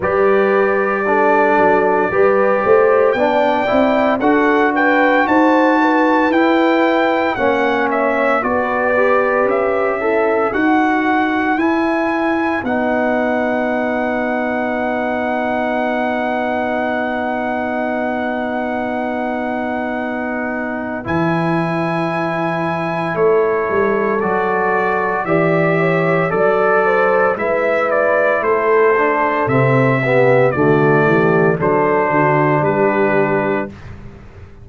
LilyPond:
<<
  \new Staff \with { instrumentName = "trumpet" } { \time 4/4 \tempo 4 = 57 d''2. g''4 | fis''8 g''8 a''4 g''4 fis''8 e''8 | d''4 e''4 fis''4 gis''4 | fis''1~ |
fis''1 | gis''2 cis''4 d''4 | e''4 d''4 e''8 d''8 c''4 | e''4 d''4 c''4 b'4 | }
  \new Staff \with { instrumentName = "horn" } { \time 4/4 b'4 a'4 b'8 c''8 d''4 | a'8 b'8 c''8 b'4. cis''4 | b'4. e'8 b'2~ | b'1~ |
b'1~ | b'2 a'2 | d''8 cis''8 d''8 c''8 b'4 a'4~ | a'8 g'8 fis'8 g'8 a'8 fis'8 g'4 | }
  \new Staff \with { instrumentName = "trombone" } { \time 4/4 g'4 d'4 g'4 d'8 e'8 | fis'2 e'4 cis'4 | fis'8 g'4 a'8 fis'4 e'4 | dis'1~ |
dis'1 | e'2. fis'4 | g'4 a'4 e'4. d'8 | c'8 b8 a4 d'2 | }
  \new Staff \with { instrumentName = "tuba" } { \time 4/4 g4. fis8 g8 a8 b8 c'8 | d'4 dis'4 e'4 ais4 | b4 cis'4 dis'4 e'4 | b1~ |
b1 | e2 a8 g8 fis4 | e4 fis4 gis4 a4 | c4 d8 e8 fis8 d8 g4 | }
>>